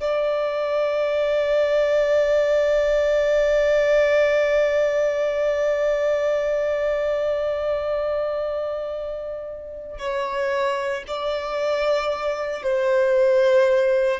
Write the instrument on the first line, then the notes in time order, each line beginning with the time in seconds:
violin
0.00 D5
9.98 C#5
11.07 D5
12.62 C5